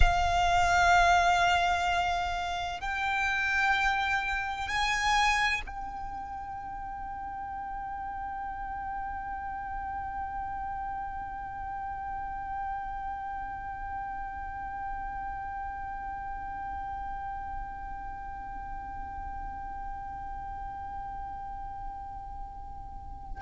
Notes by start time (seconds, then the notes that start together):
0.00 F5
2.80 G5
4.67 G#5
5.66 G5